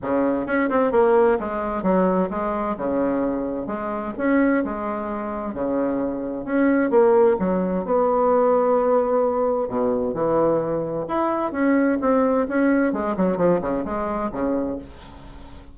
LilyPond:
\new Staff \with { instrumentName = "bassoon" } { \time 4/4 \tempo 4 = 130 cis4 cis'8 c'8 ais4 gis4 | fis4 gis4 cis2 | gis4 cis'4 gis2 | cis2 cis'4 ais4 |
fis4 b2.~ | b4 b,4 e2 | e'4 cis'4 c'4 cis'4 | gis8 fis8 f8 cis8 gis4 cis4 | }